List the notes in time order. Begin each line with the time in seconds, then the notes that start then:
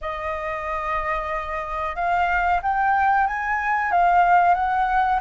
0.01 D#5
1.95 F5
2.62 G5
3.27 G#5
3.91 F5
4.54 F#5